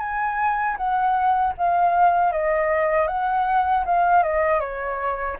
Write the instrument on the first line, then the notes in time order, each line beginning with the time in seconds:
flute
0.00 G#5
0.78 F#5
1.58 F5
2.33 D#5
3.08 F#5
3.86 F5
4.23 D#5
4.61 C#5